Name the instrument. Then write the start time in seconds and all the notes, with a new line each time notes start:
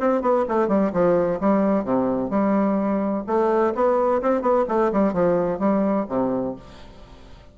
bassoon
0.00 C4
0.22 B3
0.49 A3
0.68 G3
0.93 F3
1.40 G3
1.85 C3
2.30 G3
3.27 A3
3.75 B3
4.22 C4
4.42 B3
4.69 A3
4.92 G3
5.13 F3
5.59 G3
6.09 C3